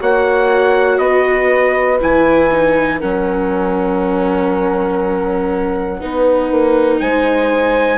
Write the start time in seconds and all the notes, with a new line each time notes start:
0.00 A#3 F#4 C#5 F#5
0.98 B3 B4 D#5
2.01 E3 E4 G#5
2.52 D#4
3.00 F#3 C#4 A#4 F#5
6.00 B3 D#4 B4
6.52 A#3
7.00 G#3 C5 G#5